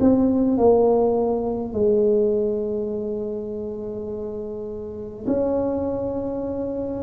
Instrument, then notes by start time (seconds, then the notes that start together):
tuba
0.00 C4
0.57 A#3
1.73 G#3
5.27 C#4